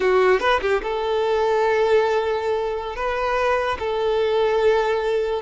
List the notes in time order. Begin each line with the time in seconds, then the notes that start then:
0.00 F#4
0.40 B4
0.61 G4
0.83 A4
2.96 B4
3.79 A4